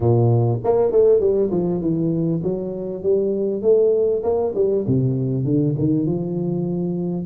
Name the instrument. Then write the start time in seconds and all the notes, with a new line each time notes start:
tuba
0.00 A#2
0.64 A#3
0.91 A3
1.20 G3
1.50 F3
1.81 E3
2.43 F#3
3.02 G3
3.62 A3
4.23 A#3
4.55 G3
4.87 C3
5.44 D3
5.78 D#3
6.06 F3